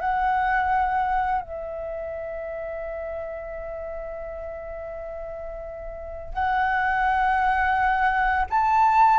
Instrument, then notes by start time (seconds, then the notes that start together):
flute
0.00 F#5
1.41 E5
6.34 F#5
8.50 A5